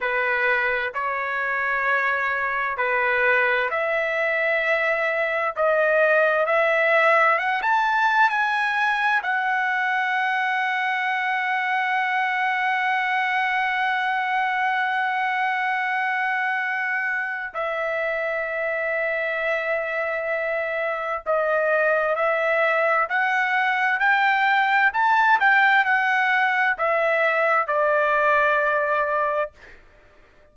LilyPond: \new Staff \with { instrumentName = "trumpet" } { \time 4/4 \tempo 4 = 65 b'4 cis''2 b'4 | e''2 dis''4 e''4 | fis''16 a''8. gis''4 fis''2~ | fis''1~ |
fis''2. e''4~ | e''2. dis''4 | e''4 fis''4 g''4 a''8 g''8 | fis''4 e''4 d''2 | }